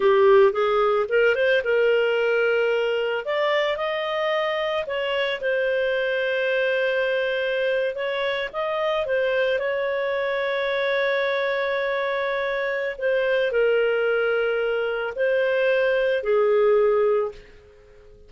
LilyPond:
\new Staff \with { instrumentName = "clarinet" } { \time 4/4 \tempo 4 = 111 g'4 gis'4 ais'8 c''8 ais'4~ | ais'2 d''4 dis''4~ | dis''4 cis''4 c''2~ | c''2~ c''8. cis''4 dis''16~ |
dis''8. c''4 cis''2~ cis''16~ | cis''1 | c''4 ais'2. | c''2 gis'2 | }